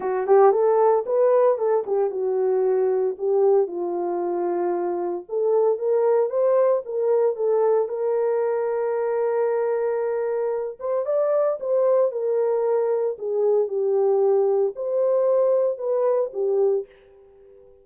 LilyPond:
\new Staff \with { instrumentName = "horn" } { \time 4/4 \tempo 4 = 114 fis'8 g'8 a'4 b'4 a'8 g'8 | fis'2 g'4 f'4~ | f'2 a'4 ais'4 | c''4 ais'4 a'4 ais'4~ |
ais'1~ | ais'8 c''8 d''4 c''4 ais'4~ | ais'4 gis'4 g'2 | c''2 b'4 g'4 | }